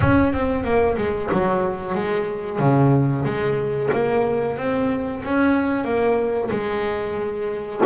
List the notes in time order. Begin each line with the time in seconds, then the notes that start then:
0.00 C#4
0.33 C4
0.63 A#3
0.97 G#3
1.32 F#3
1.94 G#3
2.59 C#3
3.24 G#3
3.92 A#3
4.57 C4
5.24 C#4
5.84 A#3
6.50 G#3